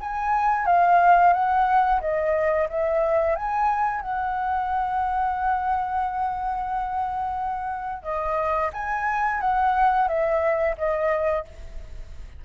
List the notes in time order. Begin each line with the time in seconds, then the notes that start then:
0.00 G#5
0.66 F5
1.33 F#5
2.01 D#5
2.69 E5
3.36 G#5
4.01 F#5
8.03 D#5
8.73 G#5
9.41 F#5
10.08 E5
10.77 D#5